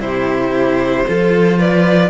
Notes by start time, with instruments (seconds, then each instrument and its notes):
0.00 cello C3 E4, violin G4 C5
1.08 cello F3 F4, violin A4
1.59 violin B4 D5